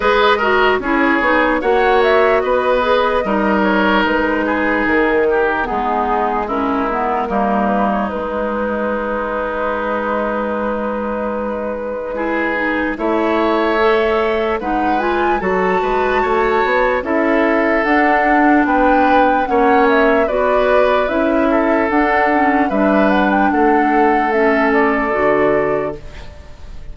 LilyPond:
<<
  \new Staff \with { instrumentName = "flute" } { \time 4/4 \tempo 4 = 74 dis''4 cis''4 fis''8 e''8 dis''4~ | dis''8 cis''8 b'4 ais'4 gis'4 | ais'4. b'16 cis''16 b'2~ | b'1 |
e''2 fis''8 gis''8 a''4~ | a''4 e''4 fis''4 g''4 | fis''8 e''8 d''4 e''4 fis''4 | e''8 fis''16 g''16 fis''4 e''8 d''4. | }
  \new Staff \with { instrumentName = "oboe" } { \time 4/4 b'8 ais'8 gis'4 cis''4 b'4 | ais'4. gis'4 g'8 dis'4 | e'4 dis'2.~ | dis'2. gis'4 |
cis''2 b'4 a'8 b'8 | cis''4 a'2 b'4 | cis''4 b'4. a'4. | b'4 a'2. | }
  \new Staff \with { instrumentName = "clarinet" } { \time 4/4 gis'8 fis'8 e'8 dis'8 fis'4. gis'8 | dis'2. b4 | cis'8 b8 ais4 gis2~ | gis2. e'8 dis'8 |
e'4 a'4 dis'8 f'8 fis'4~ | fis'4 e'4 d'2 | cis'4 fis'4 e'4 d'8 cis'8 | d'2 cis'4 fis'4 | }
  \new Staff \with { instrumentName = "bassoon" } { \time 4/4 gis4 cis'8 b8 ais4 b4 | g4 gis4 dis4 gis4~ | gis4 g4 gis2~ | gis1 |
a2 gis4 fis8 gis8 | a8 b8 cis'4 d'4 b4 | ais4 b4 cis'4 d'4 | g4 a2 d4 | }
>>